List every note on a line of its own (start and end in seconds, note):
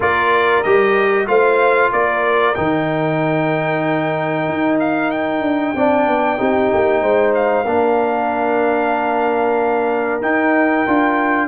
0.00 0.63 A#3
0.00 0.64 F4
0.00 1.27 A#4
0.00 0.63 D5
0.63 1.27 G3
0.63 1.26 G4
0.63 1.27 D#5
1.26 1.91 A3
1.26 2.54 F4
1.26 1.93 C5
1.26 1.91 F5
1.92 2.56 A#3
1.92 5.75 A#4
1.92 2.55 D5
2.55 4.47 D#3
2.55 5.75 D#4
2.55 4.78 G5
4.47 5.41 D#4
4.79 5.10 F5
5.10 7.34 G5
5.41 5.73 D4
5.74 6.06 C4
5.74 6.37 D4
5.74 6.38 D5
6.07 6.38 B3
6.37 6.72 C4
6.37 7.65 D#4
6.37 7.02 G4
6.73 7.01 A#3
7.01 7.65 G#3
7.01 7.64 C5
7.34 10.21 F5
7.64 10.20 A#3
7.64 10.22 D4
7.64 11.47 A#4
10.20 10.84 D#4
10.20 10.86 D#4
10.20 11.48 G5
10.87 11.48 D4
10.87 11.48 F4